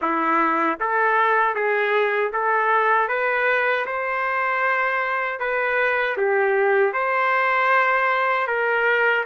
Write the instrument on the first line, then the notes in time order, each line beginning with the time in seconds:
trumpet
0.01 E4
0.79 A4
1.54 G#4
2.32 A4
3.08 B4
3.86 C5
5.39 B4
6.17 G4
6.93 C5
8.47 A#4